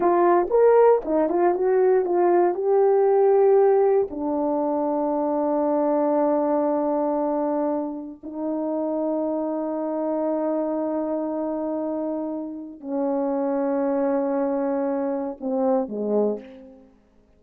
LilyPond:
\new Staff \with { instrumentName = "horn" } { \time 4/4 \tempo 4 = 117 f'4 ais'4 dis'8 f'8 fis'4 | f'4 g'2. | d'1~ | d'1 |
dis'1~ | dis'1~ | dis'4 cis'2.~ | cis'2 c'4 gis4 | }